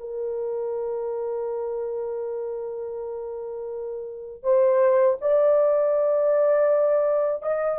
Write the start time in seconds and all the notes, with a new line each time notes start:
0.00 A#4
4.43 C5
5.22 D5
7.42 D#5